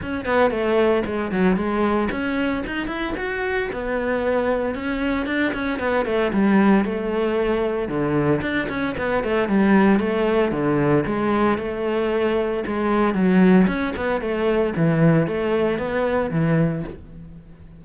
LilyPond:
\new Staff \with { instrumentName = "cello" } { \time 4/4 \tempo 4 = 114 cis'8 b8 a4 gis8 fis8 gis4 | cis'4 dis'8 e'8 fis'4 b4~ | b4 cis'4 d'8 cis'8 b8 a8 | g4 a2 d4 |
d'8 cis'8 b8 a8 g4 a4 | d4 gis4 a2 | gis4 fis4 cis'8 b8 a4 | e4 a4 b4 e4 | }